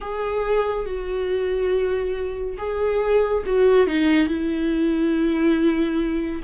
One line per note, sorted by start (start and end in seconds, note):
0.00 0.85 G#4
0.85 2.57 F#4
2.57 3.43 G#4
3.46 3.86 F#4
3.86 4.27 D#4
4.27 6.41 E4